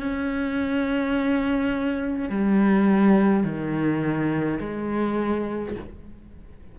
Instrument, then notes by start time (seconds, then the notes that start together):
cello
0.00 C#4
2.30 G3
3.44 D#3
4.60 G#3